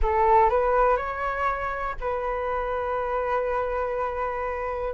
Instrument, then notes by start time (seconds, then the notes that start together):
flute
0.02 A4
0.49 B4
0.97 C#5
2.00 B4